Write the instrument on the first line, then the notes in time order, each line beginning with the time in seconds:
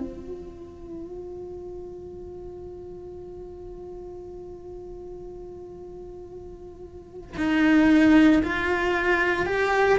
cello
0.00 F4
7.38 D#4
8.44 F4
9.46 G4